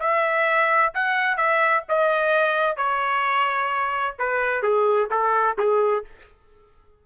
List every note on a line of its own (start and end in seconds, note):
0.00 0.93 E5
0.95 1.37 F#5
1.37 1.84 E5
1.89 2.77 D#5
2.77 4.16 C#5
4.19 4.63 B4
4.63 5.10 G#4
5.11 5.57 A4
5.58 6.05 G#4